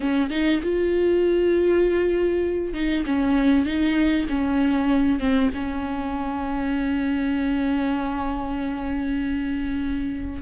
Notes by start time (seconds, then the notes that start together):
0.00 C#4
0.29 D#4
0.62 F4
2.73 D#4
3.06 C#4
3.65 D#4
4.29 C#4
5.19 C4
5.54 C#4